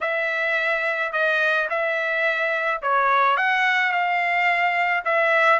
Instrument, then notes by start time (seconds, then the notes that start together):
trumpet
0.01 E5
1.12 D#5
1.69 E5
2.81 C#5
3.36 F#5
3.92 F5
5.04 E5